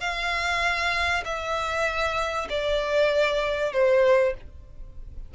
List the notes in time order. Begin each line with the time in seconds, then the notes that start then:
0.00 F5
1.25 E5
2.49 D5
3.73 C5